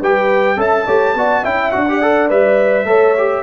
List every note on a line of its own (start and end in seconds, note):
0.00 0.56 G3
0.00 0.56 G4
0.00 0.57 B4
0.00 0.60 G5
0.56 0.85 C#4
0.56 0.85 A4
0.56 0.86 E5
0.56 1.45 A5
0.86 1.14 A3
0.86 1.16 G4
0.86 1.15 C#5
1.14 1.43 B3
1.14 1.44 F#4
1.14 1.42 D5
1.42 1.72 C#4
1.42 1.72 E4
1.42 1.85 E5
1.42 1.71 G5
1.71 2.30 D4
1.71 1.86 F#4
1.71 2.28 F#5
1.88 2.02 G4
1.88 2.87 D5
2.02 2.29 A4
2.29 2.84 G3
2.29 2.86 B4
2.29 3.43 E5
2.84 3.41 A3
2.84 3.14 A4
2.84 3.43 C#5
3.17 3.43 G4